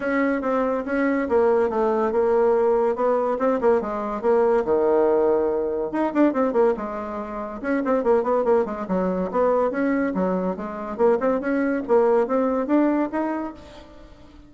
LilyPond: \new Staff \with { instrumentName = "bassoon" } { \time 4/4 \tempo 4 = 142 cis'4 c'4 cis'4 ais4 | a4 ais2 b4 | c'8 ais8 gis4 ais4 dis4~ | dis2 dis'8 d'8 c'8 ais8 |
gis2 cis'8 c'8 ais8 b8 | ais8 gis8 fis4 b4 cis'4 | fis4 gis4 ais8 c'8 cis'4 | ais4 c'4 d'4 dis'4 | }